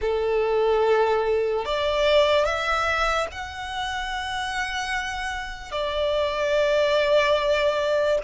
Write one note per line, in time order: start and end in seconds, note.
0.01 1.65 A4
1.65 2.45 D5
2.45 3.27 E5
3.31 5.71 F#5
5.71 8.18 D5